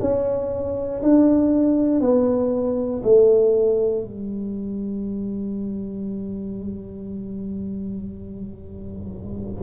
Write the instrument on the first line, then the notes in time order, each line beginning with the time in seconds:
tuba
0.00 C#4
1.03 D4
2.01 B3
3.03 A3
4.04 G3